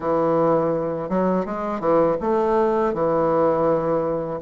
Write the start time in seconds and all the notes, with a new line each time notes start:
0.00 E3
1.09 F#3
1.45 G#3
1.80 E3
2.21 A3
2.93 E3